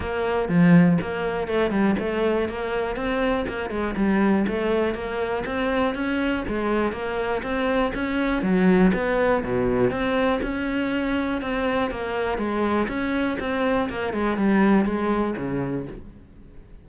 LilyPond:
\new Staff \with { instrumentName = "cello" } { \time 4/4 \tempo 4 = 121 ais4 f4 ais4 a8 g8 | a4 ais4 c'4 ais8 gis8 | g4 a4 ais4 c'4 | cis'4 gis4 ais4 c'4 |
cis'4 fis4 b4 b,4 | c'4 cis'2 c'4 | ais4 gis4 cis'4 c'4 | ais8 gis8 g4 gis4 cis4 | }